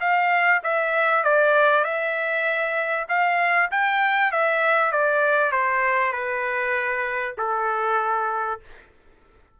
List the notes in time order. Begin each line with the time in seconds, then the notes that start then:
0.00 F5
0.63 E5
1.24 D5
1.84 E5
3.08 F5
3.71 G5
4.31 E5
4.91 D5
5.52 C5
6.12 B4
7.37 A4